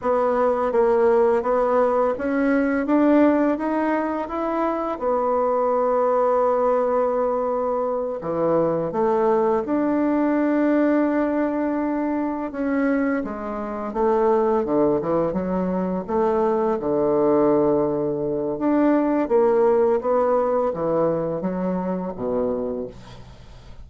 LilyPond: \new Staff \with { instrumentName = "bassoon" } { \time 4/4 \tempo 4 = 84 b4 ais4 b4 cis'4 | d'4 dis'4 e'4 b4~ | b2.~ b8 e8~ | e8 a4 d'2~ d'8~ |
d'4. cis'4 gis4 a8~ | a8 d8 e8 fis4 a4 d8~ | d2 d'4 ais4 | b4 e4 fis4 b,4 | }